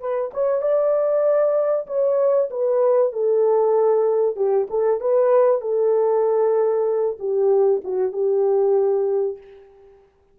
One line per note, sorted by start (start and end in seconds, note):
0.00 0.31 B4
0.34 0.62 C#5
0.62 1.87 D5
1.87 2.49 C#5
2.50 3.12 B4
3.12 4.36 A4
4.36 4.67 G4
4.70 5.00 A4
5.00 5.61 B4
5.61 7.17 A4
7.19 7.82 G4
7.84 8.12 F#4
8.12 9.38 G4